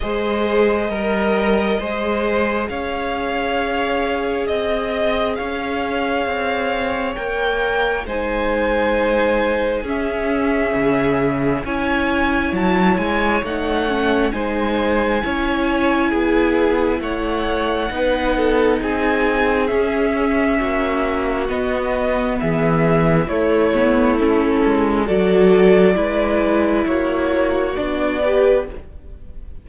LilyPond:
<<
  \new Staff \with { instrumentName = "violin" } { \time 4/4 \tempo 4 = 67 dis''2. f''4~ | f''4 dis''4 f''2 | g''4 gis''2 e''4~ | e''4 gis''4 a''8 gis''8 fis''4 |
gis''2. fis''4~ | fis''4 gis''4 e''2 | dis''4 e''4 cis''4 a'4 | d''2 cis''4 d''4 | }
  \new Staff \with { instrumentName = "violin" } { \time 4/4 c''4 ais'4 c''4 cis''4~ | cis''4 dis''4 cis''2~ | cis''4 c''2 gis'4~ | gis'4 cis''2. |
c''4 cis''4 gis'4 cis''4 | b'8 a'8 gis'2 fis'4~ | fis'4 gis'4 e'2 | a'4 b'4 fis'4. b'8 | }
  \new Staff \with { instrumentName = "viola" } { \time 4/4 gis'4 ais'4 gis'2~ | gis'1 | ais'4 dis'2 cis'4~ | cis'4 e'2 dis'8 cis'8 |
dis'4 e'2. | dis'2 cis'2 | b2 a8 b8 cis'4 | fis'4 e'2 d'8 g'8 | }
  \new Staff \with { instrumentName = "cello" } { \time 4/4 gis4 g4 gis4 cis'4~ | cis'4 c'4 cis'4 c'4 | ais4 gis2 cis'4 | cis4 cis'4 fis8 gis8 a4 |
gis4 cis'4 b4 a4 | b4 c'4 cis'4 ais4 | b4 e4 a4. gis8 | fis4 gis4 ais4 b4 | }
>>